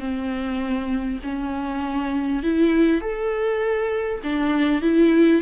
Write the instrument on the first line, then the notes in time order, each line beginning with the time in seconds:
viola
0.00 C4
1.23 C#4
2.43 E4
3.01 A4
4.24 D4
4.82 E4